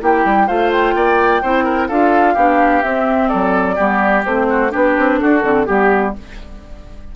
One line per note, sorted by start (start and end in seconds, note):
0.00 0.25 A#3
0.00 0.47 E4
0.00 0.47 G4
0.00 0.48 G5
0.25 0.48 G3
0.47 0.95 A3
0.47 1.42 F4
0.47 0.94 C5
0.47 0.71 F5
0.72 1.88 G5
0.95 1.42 A#3
0.95 1.42 D5
1.42 1.90 C4
1.42 1.90 E4
1.42 1.64 C5
1.64 1.87 A#4
1.88 2.36 D4
1.88 2.37 F4
1.88 2.34 A4
1.88 2.83 F5
2.34 2.83 B3
2.34 2.82 D4
2.34 3.29 G4
2.82 3.76 C4
2.82 3.31 C4
2.82 3.28 E5
3.28 3.78 F#3
3.28 3.75 A4
3.28 4.23 D5
3.75 4.25 G3
3.75 4.24 B3
3.75 4.46 G4
4.25 4.72 A3
4.25 4.70 C4
4.25 4.72 C5
4.50 4.72 F#4
4.70 4.98 B3
4.70 5.41 D4
4.70 5.19 G4
4.70 5.19 B4
4.98 5.21 C4
5.19 5.43 D4
5.19 5.67 F#4
5.19 5.65 A4
5.43 5.67 D3
5.43 5.66 C4
5.65 6.16 G3
5.65 6.13 B3
5.65 6.13 G4
5.65 6.14 G4